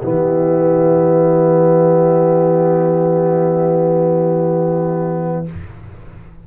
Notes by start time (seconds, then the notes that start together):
0.00 E3 B3 G4 E5